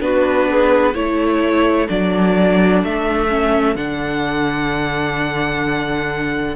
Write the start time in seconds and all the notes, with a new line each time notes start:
0.00 B3 D4 F#4 B4
0.48 G#4
0.94 A3 E4 A4 C#5
1.88 F#3 D4 D5
2.83 A3 E5
3.29 C#4
3.75 D3 D4 F#5